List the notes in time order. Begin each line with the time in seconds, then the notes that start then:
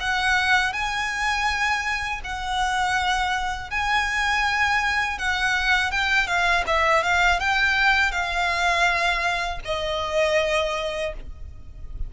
0.00 F#5
0.73 G#5
2.25 F#5
3.71 G#5
5.19 F#5
5.92 G5
6.28 F5
6.67 E5
7.04 F5
7.40 G5
8.12 F5
9.65 D#5